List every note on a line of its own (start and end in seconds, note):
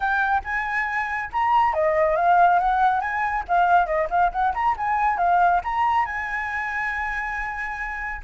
0.00 0.42 G5
0.44 1.30 G#5
1.32 1.73 A#5
1.73 2.16 D#5
2.16 2.59 F5
2.59 3.01 F#5
3.01 3.44 G#5
3.47 3.86 F5
3.86 4.08 D#5
4.09 4.31 F5
4.32 4.53 F#5
4.54 4.76 A#5
4.77 5.17 G#5
5.17 5.60 F5
5.64 6.05 A#5
6.05 8.21 G#5